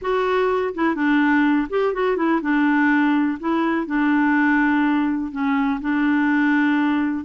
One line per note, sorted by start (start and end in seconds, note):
0.01 0.74 F#4
0.74 0.95 E4
0.95 1.67 D4
1.69 1.93 G4
1.93 2.16 F#4
2.16 2.40 E4
2.41 3.38 D4
3.39 3.86 E4
3.86 5.31 D4
5.31 5.80 C#4
5.80 7.25 D4